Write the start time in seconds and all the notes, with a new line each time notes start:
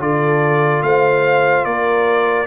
0.00 D3 F4 A4 D5
0.83 A3 C5 F5
1.65 A#3 A#4 D5